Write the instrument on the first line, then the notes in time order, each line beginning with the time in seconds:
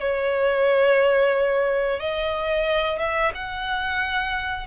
violin
0.00 C#5
1.99 D#5
2.99 E5
3.34 F#5